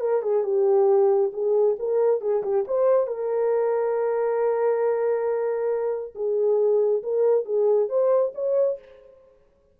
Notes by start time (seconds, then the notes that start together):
0.00 A#4
0.22 G#4
0.43 G4
1.33 G#4
1.79 A#4
2.21 G#4
2.43 G4
2.67 C5
3.07 A#4
6.15 G#4
7.03 A#4
7.45 G#4
7.89 C5
8.34 C#5